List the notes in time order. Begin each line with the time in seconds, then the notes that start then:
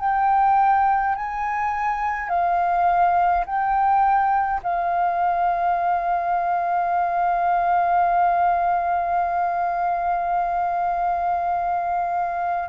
0.00 G5
1.15 G#5
2.29 F5
3.46 G5
4.63 F5